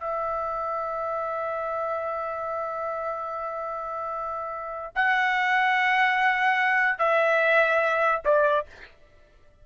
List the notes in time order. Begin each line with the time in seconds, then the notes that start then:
0.00 E5
4.96 F#5
6.99 E5
8.25 D5